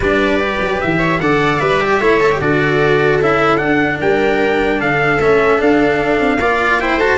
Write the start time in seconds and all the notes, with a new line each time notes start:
0.00 G3 D4 B4 D5
0.40 G4
0.59 F#3
0.80 E3 E5
0.98 C#5
1.20 D3 A4 D5 F#5
1.59 G3 B4 E5
1.81 G4
1.99 A3 E4 C#5
2.20 A4
2.31 G4
2.40 D3 F#4 A4 D5
3.19 C#4 E4 E5
3.57 D4 F#5
4.00 G3 A#4 G5
4.79 D3 A4 F5
5.19 A3 C#4 E5
5.58 D4 F5
6.19 C4
6.38 A#3 F4 D5
6.80 E4 C5 G5
6.96 A3 F#4 A5